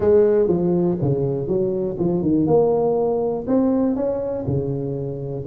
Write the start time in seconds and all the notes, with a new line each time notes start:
0.00 G#3
0.48 F3
1.01 C#3
1.47 F#3
1.99 F3
2.22 D#3
2.46 A#3
3.47 C4
3.95 C#4
4.47 C#3